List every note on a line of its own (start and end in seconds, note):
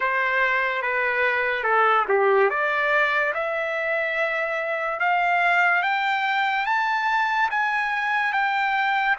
0.00 0.82 C5
0.82 1.63 B4
1.63 2.05 A4
2.08 2.50 G4
2.50 3.33 D5
3.33 4.99 E5
4.99 5.82 F5
5.82 6.66 G5
6.66 7.49 A5
7.50 8.32 G#5
8.32 9.16 G5